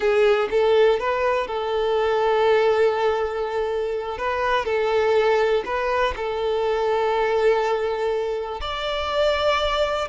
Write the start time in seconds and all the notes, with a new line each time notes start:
0.00 G#4
0.50 A4
0.99 B4
1.47 A4
4.17 B4
4.65 A4
5.65 B4
6.16 A4
8.61 D5